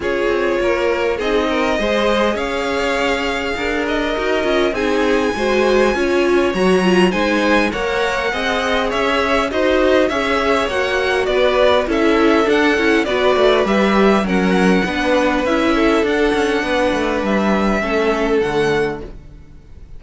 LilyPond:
<<
  \new Staff \with { instrumentName = "violin" } { \time 4/4 \tempo 4 = 101 cis''2 dis''2 | f''2~ f''8 dis''4. | gis''2. ais''4 | gis''4 fis''2 e''4 |
dis''4 e''4 fis''4 d''4 | e''4 fis''4 d''4 e''4 | fis''2 e''4 fis''4~ | fis''4 e''2 fis''4 | }
  \new Staff \with { instrumentName = "violin" } { \time 4/4 gis'4 ais'4 gis'8 ais'8 c''4 | cis''2 ais'2 | gis'4 c''4 cis''2 | c''4 cis''4 dis''4 cis''4 |
c''4 cis''2 b'4 | a'2 b'2 | ais'4 b'4. a'4. | b'2 a'2 | }
  \new Staff \with { instrumentName = "viola" } { \time 4/4 f'2 dis'4 gis'4~ | gis'2. fis'8 f'8 | dis'4 fis'4 f'4 fis'8 f'8 | dis'4 ais'4 gis'2 |
fis'4 gis'4 fis'2 | e'4 d'8 e'8 fis'4 g'4 | cis'4 d'4 e'4 d'4~ | d'2 cis'4 a4 | }
  \new Staff \with { instrumentName = "cello" } { \time 4/4 cis'8 c'8 ais4 c'4 gis4 | cis'2 d'4 dis'8 cis'8 | c'4 gis4 cis'4 fis4 | gis4 ais4 c'4 cis'4 |
dis'4 cis'4 ais4 b4 | cis'4 d'8 cis'8 b8 a8 g4 | fis4 b4 cis'4 d'8 cis'8 | b8 a8 g4 a4 d4 | }
>>